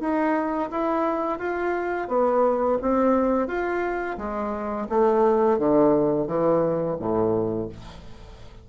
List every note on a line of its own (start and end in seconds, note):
0.00 0.70 D#4
0.71 1.39 E4
1.39 2.08 F4
2.08 2.78 B3
2.82 3.48 C4
3.48 4.18 F4
4.18 4.88 G#3
4.90 5.58 A3
5.58 6.27 D3
6.27 6.97 E3
6.99 7.69 A2